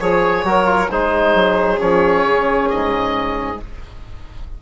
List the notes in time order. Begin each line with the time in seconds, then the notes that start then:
0.00 F3 G#4 C#5
0.44 F#3 F#4 A#4
0.65 F4
0.91 G#3 D#4 G#4 C5
1.35 F#3
1.79 F3 C#4 C#5
2.25 C#3
2.70 G#2 D#5